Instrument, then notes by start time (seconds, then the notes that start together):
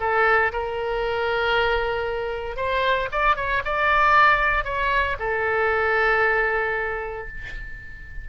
oboe
0.00 A4
0.52 A#4
2.57 C5
3.12 D5
3.36 C#5
3.65 D5
4.65 C#5
5.19 A4